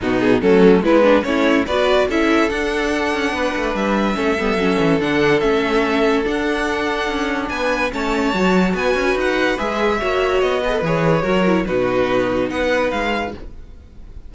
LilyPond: <<
  \new Staff \with { instrumentName = "violin" } { \time 4/4 \tempo 4 = 144 fis'8 gis'8 a'4 b'4 cis''4 | d''4 e''4 fis''2~ | fis''4 e''2. | fis''4 e''2 fis''4~ |
fis''2 gis''4 a''4~ | a''4 gis''4 fis''4 e''4~ | e''4 dis''4 cis''2 | b'2 fis''4 f''4 | }
  \new Staff \with { instrumentName = "violin" } { \time 4/4 dis'4 cis'4 b4 e'4 | b'4 a'2. | b'2 a'2~ | a'1~ |
a'2 b'4 cis''4~ | cis''4 b'2. | cis''4. b'4. ais'4 | fis'2 b'2 | }
  \new Staff \with { instrumentName = "viola" } { \time 4/4 b4 a4 e'8 d'8 cis'4 | fis'4 e'4 d'2~ | d'2 cis'8 b8 cis'4 | d'4 cis'2 d'4~ |
d'2. cis'4 | fis'2. gis'4 | fis'4. gis'16 a'16 gis'4 fis'8 e'8 | dis'1 | }
  \new Staff \with { instrumentName = "cello" } { \time 4/4 b,4 fis4 gis4 a4 | b4 cis'4 d'4. cis'8 | b8 a8 g4 a8 g8 fis8 e8 | d4 a2 d'4~ |
d'4 cis'4 b4 a4 | fis4 b8 cis'8 dis'4 gis4 | ais4 b4 e4 fis4 | b,2 b4 gis4 | }
>>